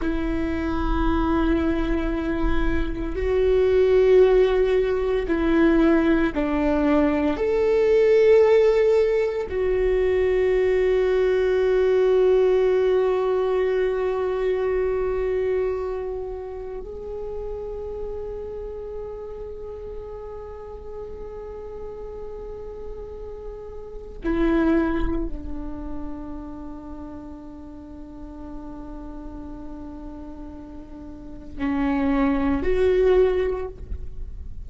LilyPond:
\new Staff \with { instrumentName = "viola" } { \time 4/4 \tempo 4 = 57 e'2. fis'4~ | fis'4 e'4 d'4 a'4~ | a'4 fis'2.~ | fis'1 |
gis'1~ | gis'2. e'4 | d'1~ | d'2 cis'4 fis'4 | }